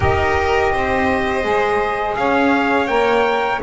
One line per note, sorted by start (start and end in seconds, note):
0.00 0.72 D#4
0.00 1.41 G4
0.00 0.72 A#4
0.00 2.15 D#5
0.72 1.44 C4
0.72 2.17 C5
1.41 2.16 G#3
1.41 2.86 G#4
2.15 2.87 C#4
2.15 3.62 C#5
2.15 2.87 F5
2.87 3.59 A#3
2.87 3.61 A#4
2.87 3.59 G5